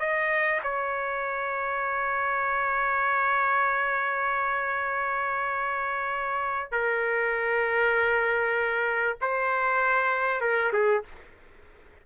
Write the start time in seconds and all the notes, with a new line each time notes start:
0.00 D#5
0.64 C#5
6.72 A#4
9.22 C5
10.41 A#4
10.73 G#4